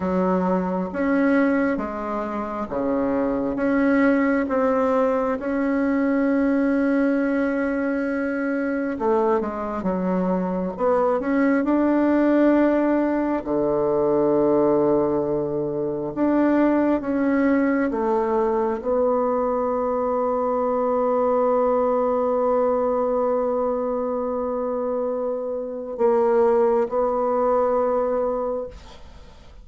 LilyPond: \new Staff \with { instrumentName = "bassoon" } { \time 4/4 \tempo 4 = 67 fis4 cis'4 gis4 cis4 | cis'4 c'4 cis'2~ | cis'2 a8 gis8 fis4 | b8 cis'8 d'2 d4~ |
d2 d'4 cis'4 | a4 b2.~ | b1~ | b4 ais4 b2 | }